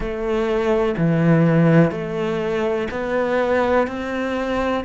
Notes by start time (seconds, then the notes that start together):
0.00 A3
0.97 E3
1.91 A3
2.90 B3
3.87 C4